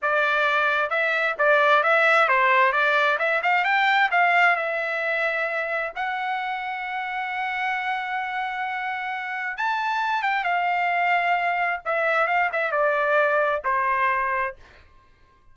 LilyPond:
\new Staff \with { instrumentName = "trumpet" } { \time 4/4 \tempo 4 = 132 d''2 e''4 d''4 | e''4 c''4 d''4 e''8 f''8 | g''4 f''4 e''2~ | e''4 fis''2.~ |
fis''1~ | fis''4 a''4. g''8 f''4~ | f''2 e''4 f''8 e''8 | d''2 c''2 | }